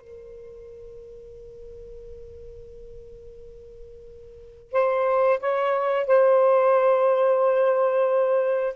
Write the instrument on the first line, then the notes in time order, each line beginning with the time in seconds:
saxophone
0.00 A#4
4.72 C5
5.39 C#5
6.06 C5